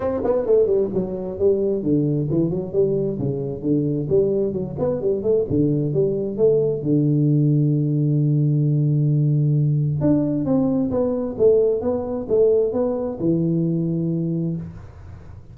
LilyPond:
\new Staff \with { instrumentName = "tuba" } { \time 4/4 \tempo 4 = 132 c'8 b8 a8 g8 fis4 g4 | d4 e8 fis8 g4 cis4 | d4 g4 fis8 b8 g8 a8 | d4 g4 a4 d4~ |
d1~ | d2 d'4 c'4 | b4 a4 b4 a4 | b4 e2. | }